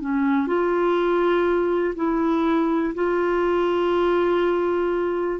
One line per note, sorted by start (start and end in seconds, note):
0.00 0.46 C#4
0.46 1.94 F4
1.95 2.93 E4
2.94 5.40 F4